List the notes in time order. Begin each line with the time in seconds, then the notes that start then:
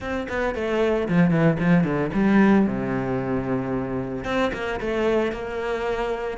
0.00 C4
0.28 B3
0.54 A3
1.08 F3
1.30 E3
1.59 F3
1.83 D3
2.13 G3
2.66 C3
4.24 C4
4.53 A#3
4.80 A3
5.31 A#3